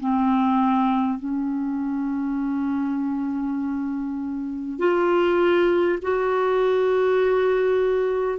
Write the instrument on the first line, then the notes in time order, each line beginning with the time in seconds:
clarinet
0.00 C4
1.19 C#4
4.79 F4
6.02 F#4